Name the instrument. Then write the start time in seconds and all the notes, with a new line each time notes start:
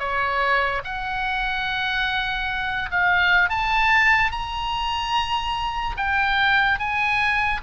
oboe
0.00 C#5
0.84 F#5
2.91 F5
3.50 A5
4.32 A#5
5.97 G5
6.79 G#5